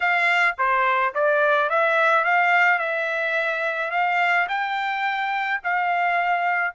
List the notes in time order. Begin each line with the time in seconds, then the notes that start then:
0.00 F5
0.58 C5
1.14 D5
1.69 E5
2.24 F5
2.79 E5
3.90 F5
4.48 G5
5.63 F5